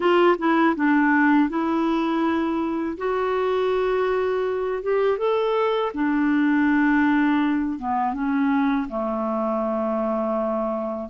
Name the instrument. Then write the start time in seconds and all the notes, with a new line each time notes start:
clarinet
0.00 F4
0.38 E4
0.75 D4
1.48 E4
2.97 F#4
4.82 G4
5.18 A4
5.94 D4
7.78 B3
8.13 C#4
8.89 A3